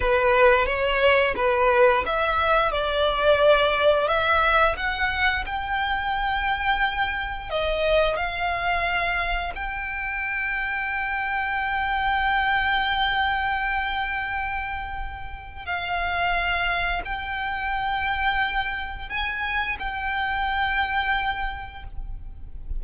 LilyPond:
\new Staff \with { instrumentName = "violin" } { \time 4/4 \tempo 4 = 88 b'4 cis''4 b'4 e''4 | d''2 e''4 fis''4 | g''2. dis''4 | f''2 g''2~ |
g''1~ | g''2. f''4~ | f''4 g''2. | gis''4 g''2. | }